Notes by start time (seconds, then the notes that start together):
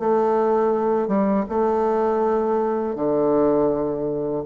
0.00 A3
1.08 G3
1.49 A3
2.96 D3